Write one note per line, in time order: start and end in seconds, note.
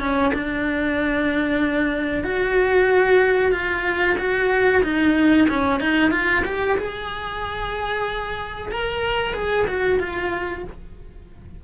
0.00 0.32 C#4
0.34 2.24 D4
2.24 3.52 F#4
3.52 4.17 F4
4.18 4.83 F#4
4.84 5.48 D#4
5.49 5.81 C#4
5.81 6.11 D#4
6.11 6.43 F4
6.45 6.78 G4
6.78 8.72 G#4
8.72 9.34 A#4
9.34 9.67 G#4
9.67 10.00 F#4
10.00 10.64 F4